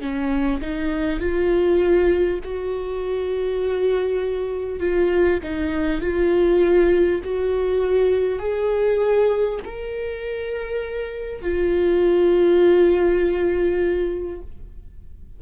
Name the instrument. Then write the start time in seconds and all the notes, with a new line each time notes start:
viola
0.00 C#4
0.61 D#4
1.19 F4
2.43 F#4
4.79 F4
5.43 D#4
6.01 F4
7.23 F#4
8.39 G#4
9.64 A#4
11.41 F4